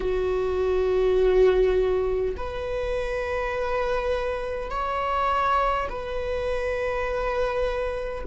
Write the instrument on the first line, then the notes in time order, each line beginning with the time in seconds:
viola
0.00 F#4
2.36 B4
4.70 C#5
5.89 B4